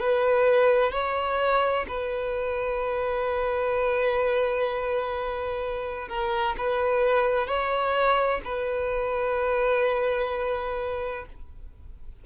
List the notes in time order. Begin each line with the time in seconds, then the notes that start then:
0.00 B4
0.92 C#5
1.88 B4
6.09 A#4
6.58 B4
7.47 C#5
8.45 B4